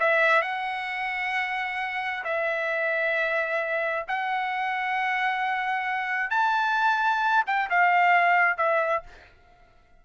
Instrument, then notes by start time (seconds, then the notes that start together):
trumpet
0.00 E5
0.42 F#5
2.25 E5
4.08 F#5
6.31 A5
7.47 G5
7.70 F5
8.58 E5